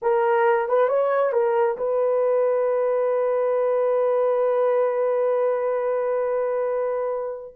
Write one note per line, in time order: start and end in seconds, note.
0.02 0.68 A#4
0.68 0.88 B4
0.88 1.32 C#5
1.32 1.77 A#4
1.77 7.55 B4